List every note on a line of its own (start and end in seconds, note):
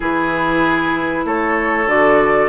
0.00 1.24 E3
0.00 1.87 E4
0.00 1.25 G#4
0.00 1.26 B4
1.24 1.85 A3
1.24 2.48 A4
1.24 1.88 C#5
1.85 2.48 D3
1.85 2.48 F#4
1.85 2.48 D5